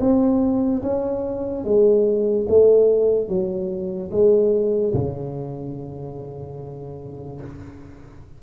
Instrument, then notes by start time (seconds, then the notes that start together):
tuba
0.00 C4
0.83 C#4
1.64 G#3
2.49 A3
3.28 F#3
4.11 G#3
4.94 C#3